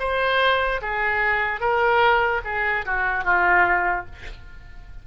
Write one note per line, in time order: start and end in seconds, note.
0.00 0.81 C5
0.82 1.61 G#4
1.61 2.42 A#4
2.45 2.86 G#4
2.86 3.25 F#4
3.25 4.06 F4